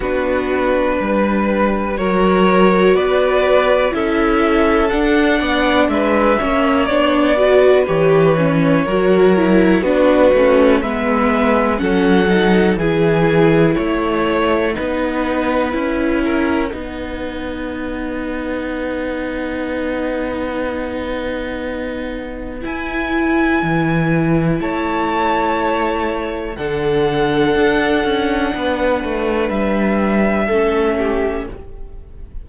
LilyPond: <<
  \new Staff \with { instrumentName = "violin" } { \time 4/4 \tempo 4 = 61 b'2 cis''4 d''4 | e''4 fis''4 e''4 d''4 | cis''2 b'4 e''4 | fis''4 gis''4 fis''2~ |
fis''1~ | fis''2. gis''4~ | gis''4 a''2 fis''4~ | fis''2 e''2 | }
  \new Staff \with { instrumentName = "violin" } { \time 4/4 fis'4 b'4 ais'4 b'4 | a'4. d''8 b'8 cis''4 b'8~ | b'4 ais'4 fis'4 b'4 | a'4 gis'4 cis''4 b'4~ |
b'8 ais'8 b'2.~ | b'1~ | b'4 cis''2 a'4~ | a'4 b'2 a'8 g'8 | }
  \new Staff \with { instrumentName = "viola" } { \time 4/4 d'2 fis'2 | e'4 d'4. cis'8 d'8 fis'8 | g'8 cis'8 fis'8 e'8 d'8 cis'8 b4 | cis'8 dis'8 e'2 dis'4 |
e'4 dis'2.~ | dis'2. e'4~ | e'2. d'4~ | d'2. cis'4 | }
  \new Staff \with { instrumentName = "cello" } { \time 4/4 b4 g4 fis4 b4 | cis'4 d'8 b8 gis8 ais8 b4 | e4 fis4 b8 a8 gis4 | fis4 e4 a4 b4 |
cis'4 b2.~ | b2. e'4 | e4 a2 d4 | d'8 cis'8 b8 a8 g4 a4 | }
>>